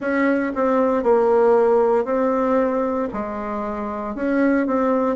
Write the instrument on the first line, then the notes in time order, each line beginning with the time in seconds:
bassoon
0.00 C#4
0.55 C4
1.03 A#3
2.05 C4
3.13 G#3
4.15 C#4
4.66 C4